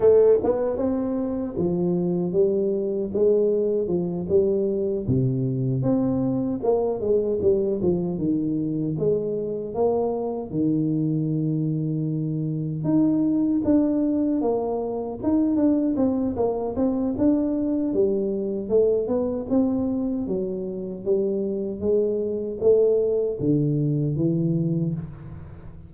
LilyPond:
\new Staff \with { instrumentName = "tuba" } { \time 4/4 \tempo 4 = 77 a8 b8 c'4 f4 g4 | gis4 f8 g4 c4 c'8~ | c'8 ais8 gis8 g8 f8 dis4 gis8~ | gis8 ais4 dis2~ dis8~ |
dis8 dis'4 d'4 ais4 dis'8 | d'8 c'8 ais8 c'8 d'4 g4 | a8 b8 c'4 fis4 g4 | gis4 a4 d4 e4 | }